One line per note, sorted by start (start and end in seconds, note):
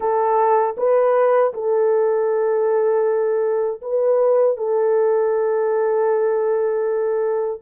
0.00 0.75 A4
0.77 1.53 B4
1.53 3.81 A4
3.81 4.57 B4
4.57 7.61 A4